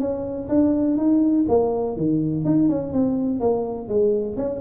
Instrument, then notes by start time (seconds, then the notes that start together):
tuba
0.00 C#4
0.49 D4
0.97 D#4
1.48 A#3
1.97 D#3
2.45 D#4
2.69 C#4
2.93 C4
3.40 A#3
3.88 G#3
4.36 C#4